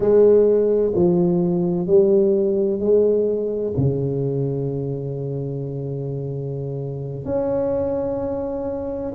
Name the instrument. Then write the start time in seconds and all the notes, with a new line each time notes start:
tuba
0.00 G#3
0.95 F3
1.86 G3
2.79 G#3
3.77 C#3
7.24 C#4